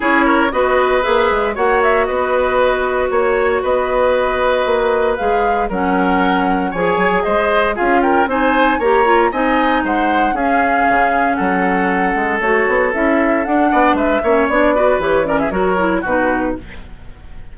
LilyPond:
<<
  \new Staff \with { instrumentName = "flute" } { \time 4/4 \tempo 4 = 116 cis''4 dis''4 e''4 fis''8 e''8 | dis''2 cis''4 dis''4~ | dis''2 f''4 fis''4~ | fis''4 gis''4 dis''4 f''8 g''8 |
gis''4 ais''4 gis''4 fis''4 | f''2 fis''2 | cis''4 e''4 fis''4 e''4 | d''4 cis''8 d''16 e''16 cis''4 b'4 | }
  \new Staff \with { instrumentName = "oboe" } { \time 4/4 gis'8 ais'8 b'2 cis''4 | b'2 cis''4 b'4~ | b'2. ais'4~ | ais'4 cis''4 c''4 gis'8 ais'8 |
c''4 cis''4 dis''4 c''4 | gis'2 a'2~ | a'2~ a'8 d''8 b'8 cis''8~ | cis''8 b'4 ais'16 gis'16 ais'4 fis'4 | }
  \new Staff \with { instrumentName = "clarinet" } { \time 4/4 e'4 fis'4 gis'4 fis'4~ | fis'1~ | fis'2 gis'4 cis'4~ | cis'4 gis'2 f'4 |
dis'4 g'8 f'8 dis'2 | cis'1 | fis'4 e'4 d'4. cis'8 | d'8 fis'8 g'8 cis'8 fis'8 e'8 dis'4 | }
  \new Staff \with { instrumentName = "bassoon" } { \time 4/4 cis'4 b4 ais8 gis8 ais4 | b2 ais4 b4~ | b4 ais4 gis4 fis4~ | fis4 f8 fis8 gis4 cis'4 |
c'4 ais4 c'4 gis4 | cis'4 cis4 fis4. gis8 | a8 b8 cis'4 d'8 b8 gis8 ais8 | b4 e4 fis4 b,4 | }
>>